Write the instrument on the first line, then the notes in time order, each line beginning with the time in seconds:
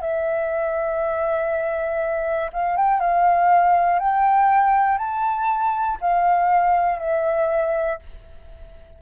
flute
0.00 E5
2.52 F5
2.76 G5
3.00 F5
3.99 G5
4.97 A5
6.00 F5
6.99 E5